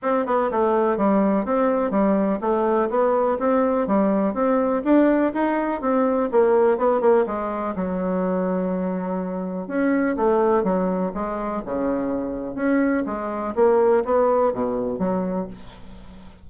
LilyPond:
\new Staff \with { instrumentName = "bassoon" } { \time 4/4 \tempo 4 = 124 c'8 b8 a4 g4 c'4 | g4 a4 b4 c'4 | g4 c'4 d'4 dis'4 | c'4 ais4 b8 ais8 gis4 |
fis1 | cis'4 a4 fis4 gis4 | cis2 cis'4 gis4 | ais4 b4 b,4 fis4 | }